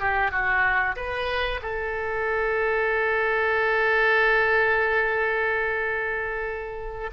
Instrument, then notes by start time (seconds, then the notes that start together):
oboe
0.00 G4
0.31 F#4
0.96 B4
1.62 A4